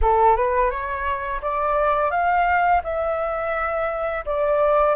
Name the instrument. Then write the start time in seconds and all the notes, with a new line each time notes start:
flute
0.01 A4
0.36 B4
0.70 C#5
1.41 D5
2.10 F5
2.83 E5
4.25 D5